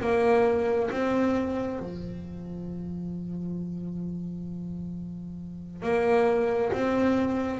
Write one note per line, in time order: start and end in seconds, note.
0.00 0.90 A#3
0.90 1.79 C4
1.79 5.82 F3
5.82 6.72 A#3
6.72 7.59 C4